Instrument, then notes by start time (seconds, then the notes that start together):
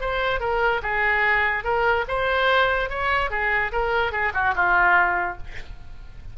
oboe
0.00 C5
0.40 A#4
0.82 G#4
1.63 A#4
2.08 C5
2.89 C#5
3.30 G#4
3.72 A#4
4.12 G#4
4.34 F#4
4.55 F4